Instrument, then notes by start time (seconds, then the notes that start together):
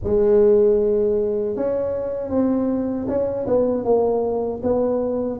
tuba
0.03 G#3
1.56 C#4
2.29 C4
3.08 C#4
3.46 B3
3.84 A#3
4.63 B3